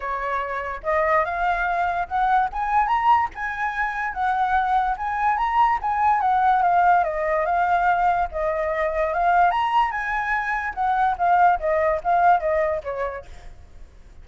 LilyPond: \new Staff \with { instrumentName = "flute" } { \time 4/4 \tempo 4 = 145 cis''2 dis''4 f''4~ | f''4 fis''4 gis''4 ais''4 | gis''2 fis''2 | gis''4 ais''4 gis''4 fis''4 |
f''4 dis''4 f''2 | dis''2 f''4 ais''4 | gis''2 fis''4 f''4 | dis''4 f''4 dis''4 cis''4 | }